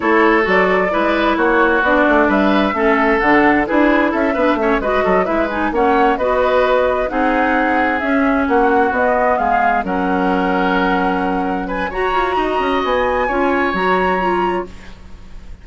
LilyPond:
<<
  \new Staff \with { instrumentName = "flute" } { \time 4/4 \tempo 4 = 131 cis''4 d''2 cis''4 | d''4 e''2 fis''4 | b'4 e''4. dis''4 e''8 | gis''8 fis''4 dis''2 fis''8~ |
fis''4. e''4 fis''4 dis''8~ | dis''8 f''4 fis''2~ fis''8~ | fis''4. gis''8 ais''2 | gis''2 ais''2 | }
  \new Staff \with { instrumentName = "oboe" } { \time 4/4 a'2 b'4 fis'4~ | fis'4 b'4 a'2 | gis'4 a'8 b'8 cis''8 b'8 a'8 b'8~ | b'8 cis''4 b'2 gis'8~ |
gis'2~ gis'8 fis'4.~ | fis'8 gis'4 ais'2~ ais'8~ | ais'4. b'8 cis''4 dis''4~ | dis''4 cis''2. | }
  \new Staff \with { instrumentName = "clarinet" } { \time 4/4 e'4 fis'4 e'2 | d'2 cis'4 d'4 | e'4. d'8 cis'8 fis'4 e'8 | dis'8 cis'4 fis'2 dis'8~ |
dis'4. cis'2 b8~ | b4. cis'2~ cis'8~ | cis'2 fis'2~ | fis'4 f'4 fis'4 f'4 | }
  \new Staff \with { instrumentName = "bassoon" } { \time 4/4 a4 fis4 gis4 ais4 | b8 a8 g4 a4 d4 | d'4 cis'8 b8 a8 gis8 fis8 gis8~ | gis8 ais4 b2 c'8~ |
c'4. cis'4 ais4 b8~ | b8 gis4 fis2~ fis8~ | fis2 fis'8 f'8 dis'8 cis'8 | b4 cis'4 fis2 | }
>>